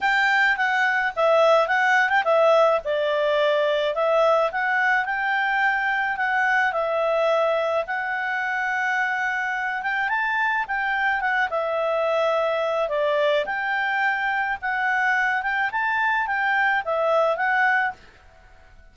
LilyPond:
\new Staff \with { instrumentName = "clarinet" } { \time 4/4 \tempo 4 = 107 g''4 fis''4 e''4 fis''8. g''16 | e''4 d''2 e''4 | fis''4 g''2 fis''4 | e''2 fis''2~ |
fis''4. g''8 a''4 g''4 | fis''8 e''2~ e''8 d''4 | g''2 fis''4. g''8 | a''4 g''4 e''4 fis''4 | }